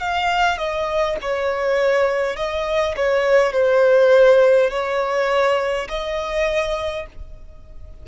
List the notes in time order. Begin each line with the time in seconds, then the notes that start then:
0.00 F5
0.58 D#5
1.21 C#5
2.36 D#5
2.96 C#5
3.52 C5
4.70 C#5
5.88 D#5